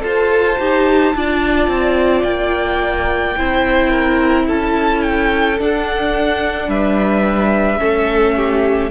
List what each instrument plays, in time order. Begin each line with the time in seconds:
0.00 cello F4, viola A4, violin C5 A5
0.59 cello D#4, viola G4
1.16 cello D4, viola F4, violin D5
1.68 cello C4
2.24 cello A#3, violin G5
3.37 cello C4, viola E4, violin C5
3.91 violin A#4
4.47 cello C#4, violin A4 A5
5.03 violin G5
5.59 viola D4, cello D4, violin F#5
6.69 cello G3, violin B4 E5
7.79 cello A3, viola C#4, violin A4
8.37 violin G4